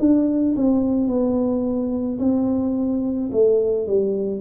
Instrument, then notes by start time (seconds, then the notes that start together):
tuba
0.00 D4
0.57 C4
1.08 B3
2.19 C4
3.32 A3
3.87 G3